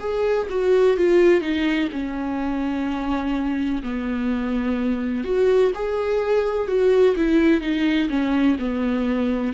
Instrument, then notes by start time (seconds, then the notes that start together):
viola
0.00 G#4
0.50 F#4
0.97 F4
1.42 D#4
1.93 C#4
3.84 B3
5.24 F#4
5.75 G#4
6.68 F#4
7.16 E4
7.61 D#4
8.10 C#4
8.59 B3